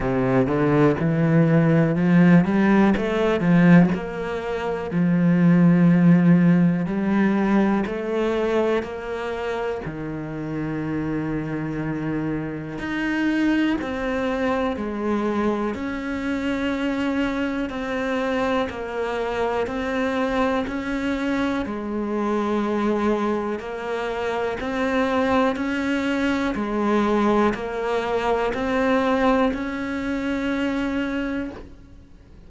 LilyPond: \new Staff \with { instrumentName = "cello" } { \time 4/4 \tempo 4 = 61 c8 d8 e4 f8 g8 a8 f8 | ais4 f2 g4 | a4 ais4 dis2~ | dis4 dis'4 c'4 gis4 |
cis'2 c'4 ais4 | c'4 cis'4 gis2 | ais4 c'4 cis'4 gis4 | ais4 c'4 cis'2 | }